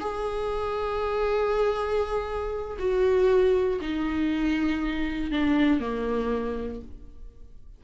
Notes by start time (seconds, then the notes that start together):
0.00 G#4
2.79 F#4
3.81 D#4
5.31 D4
5.80 A#3